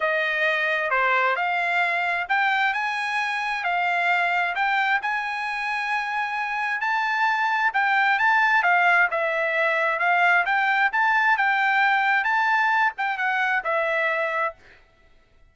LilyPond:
\new Staff \with { instrumentName = "trumpet" } { \time 4/4 \tempo 4 = 132 dis''2 c''4 f''4~ | f''4 g''4 gis''2 | f''2 g''4 gis''4~ | gis''2. a''4~ |
a''4 g''4 a''4 f''4 | e''2 f''4 g''4 | a''4 g''2 a''4~ | a''8 g''8 fis''4 e''2 | }